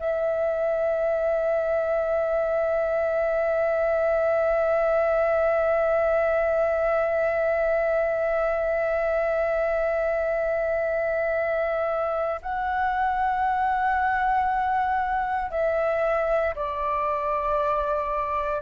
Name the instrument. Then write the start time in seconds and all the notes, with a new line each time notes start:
flute
0.00 E5
12.42 F#5
15.51 E5
16.56 D5